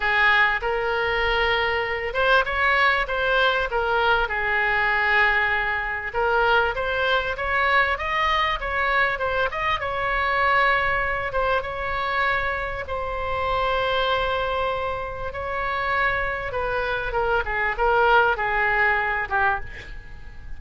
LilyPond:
\new Staff \with { instrumentName = "oboe" } { \time 4/4 \tempo 4 = 98 gis'4 ais'2~ ais'8 c''8 | cis''4 c''4 ais'4 gis'4~ | gis'2 ais'4 c''4 | cis''4 dis''4 cis''4 c''8 dis''8 |
cis''2~ cis''8 c''8 cis''4~ | cis''4 c''2.~ | c''4 cis''2 b'4 | ais'8 gis'8 ais'4 gis'4. g'8 | }